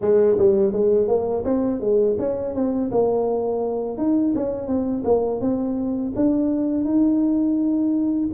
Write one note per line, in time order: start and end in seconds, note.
0.01 0.37 G#3
0.38 0.72 G3
0.72 1.07 G#3
1.07 1.44 A#3
1.44 1.80 C4
1.80 2.16 G#3
2.19 2.54 C#4
2.54 2.90 C4
2.91 3.97 A#3
3.97 4.33 D#4
4.35 4.67 C#4
4.67 5.03 C4
5.04 5.40 A#3
5.40 6.12 C4
6.15 6.84 D4
6.84 8.29 D#4